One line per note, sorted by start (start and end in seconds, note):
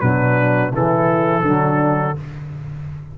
0.00 0.72 B2
0.00 0.72 F#3
0.00 0.73 D4
0.00 0.71 B4
0.72 1.41 C#3
0.72 1.45 E3
0.72 1.44 E4
0.72 2.18 A4
1.41 2.13 D3
1.41 2.17 F#3
1.41 2.16 D4